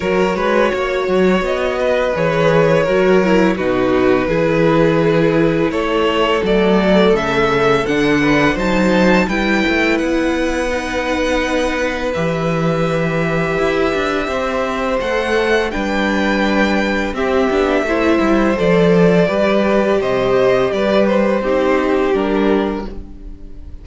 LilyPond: <<
  \new Staff \with { instrumentName = "violin" } { \time 4/4 \tempo 4 = 84 cis''2 dis''4 cis''4~ | cis''4 b'2. | cis''4 d''4 e''4 fis''4 | a''4 g''4 fis''2~ |
fis''4 e''2.~ | e''4 fis''4 g''2 | e''2 d''2 | dis''4 d''8 c''4. ais'4 | }
  \new Staff \with { instrumentName = "violin" } { \time 4/4 ais'8 b'8 cis''4. b'4. | ais'4 fis'4 gis'2 | a'2.~ a'8 b'8 | c''4 b'2.~ |
b'1 | c''2 b'2 | g'4 c''2 b'4 | c''4 b'4 g'2 | }
  \new Staff \with { instrumentName = "viola" } { \time 4/4 fis'2. gis'4 | fis'8 e'8 dis'4 e'2~ | e'4 a2 d'4 | dis'4 e'2 dis'4~ |
dis'4 g'2.~ | g'4 a'4 d'2 | c'8 d'8 e'4 a'4 g'4~ | g'2 dis'4 d'4 | }
  \new Staff \with { instrumentName = "cello" } { \time 4/4 fis8 gis8 ais8 fis8 b4 e4 | fis4 b,4 e2 | a4 fis4 cis4 d4 | fis4 g8 a8 b2~ |
b4 e2 e'8 d'8 | c'4 a4 g2 | c'8 b8 a8 g8 f4 g4 | c4 g4 c'4 g4 | }
>>